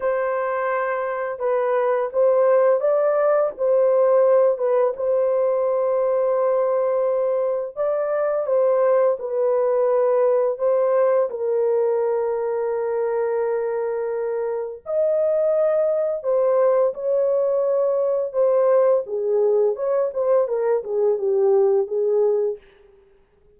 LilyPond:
\new Staff \with { instrumentName = "horn" } { \time 4/4 \tempo 4 = 85 c''2 b'4 c''4 | d''4 c''4. b'8 c''4~ | c''2. d''4 | c''4 b'2 c''4 |
ais'1~ | ais'4 dis''2 c''4 | cis''2 c''4 gis'4 | cis''8 c''8 ais'8 gis'8 g'4 gis'4 | }